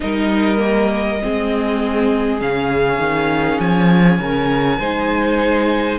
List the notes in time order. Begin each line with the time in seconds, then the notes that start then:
0.00 G3 D#4 A#4 D#5
0.58 A#3
1.22 G#3 C4 G#4
2.40 C#3 C#4 F5
2.98 D#3
3.60 F3 G#5
4.19 C#3 A#4
4.79 G#3 D#4 C5